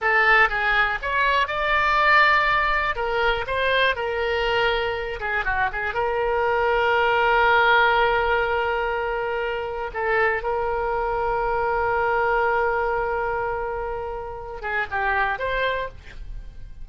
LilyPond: \new Staff \with { instrumentName = "oboe" } { \time 4/4 \tempo 4 = 121 a'4 gis'4 cis''4 d''4~ | d''2 ais'4 c''4 | ais'2~ ais'8 gis'8 fis'8 gis'8 | ais'1~ |
ais'1 | a'4 ais'2.~ | ais'1~ | ais'4. gis'8 g'4 c''4 | }